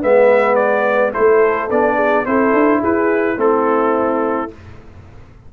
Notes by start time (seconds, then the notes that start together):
0.00 G#3 B3 B4 E5
0.55 D5
1.13 A3 E4 A4 C5
1.70 B3 D4 D5
1.96 G#4
2.26 C4 E4 A4 C5
2.53 D4
2.80 E4 G#4 B4
3.37 A3 C4 E4 A4